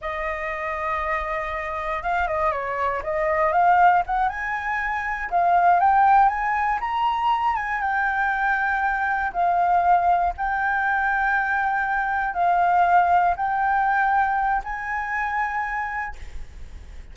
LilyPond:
\new Staff \with { instrumentName = "flute" } { \time 4/4 \tempo 4 = 119 dis''1 | f''8 dis''8 cis''4 dis''4 f''4 | fis''8 gis''2 f''4 g''8~ | g''8 gis''4 ais''4. gis''8 g''8~ |
g''2~ g''8 f''4.~ | f''8 g''2.~ g''8~ | g''8 f''2 g''4.~ | g''4 gis''2. | }